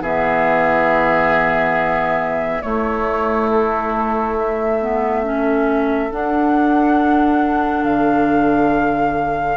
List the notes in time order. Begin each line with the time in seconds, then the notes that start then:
0.00 E3 B3 G#4 E5
2.62 A3 E4 C#5
3.51 A4
4.38 E5
4.82 B3
5.24 C#4 A4
6.11 D4 F#5
7.84 D3 F5